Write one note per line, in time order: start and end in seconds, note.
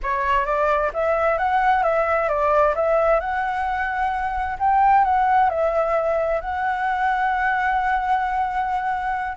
0.02 0.45 C#5
0.45 0.91 D5
0.93 1.37 E5
1.37 1.83 F#5
1.83 2.28 E5
2.28 2.74 D5
2.75 3.20 E5
3.20 4.57 F#5
4.59 5.04 G5
5.04 5.49 F#5
5.49 6.40 E5
6.40 9.37 F#5